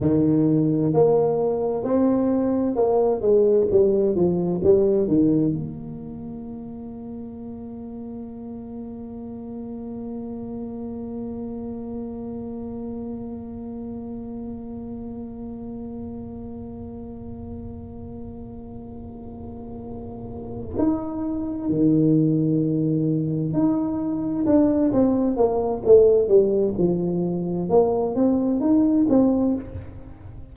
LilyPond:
\new Staff \with { instrumentName = "tuba" } { \time 4/4 \tempo 4 = 65 dis4 ais4 c'4 ais8 gis8 | g8 f8 g8 dis8 ais2~ | ais1~ | ais1~ |
ais1~ | ais2~ ais8 dis'4 dis8~ | dis4. dis'4 d'8 c'8 ais8 | a8 g8 f4 ais8 c'8 dis'8 c'8 | }